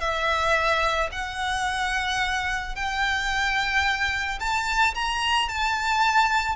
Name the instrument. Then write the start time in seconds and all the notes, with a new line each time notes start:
violin
0.00 E5
1.12 F#5
2.75 G5
4.40 A5
4.94 A#5
5.49 A5